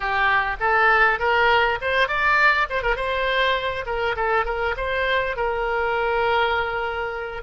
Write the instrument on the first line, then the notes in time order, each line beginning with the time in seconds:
oboe
0.00 G4
0.59 A4
1.19 A#4
1.81 C5
2.08 D5
2.69 C5
2.82 A#4
2.96 C5
3.86 A#4
4.16 A4
4.45 A#4
4.77 C5
5.36 A#4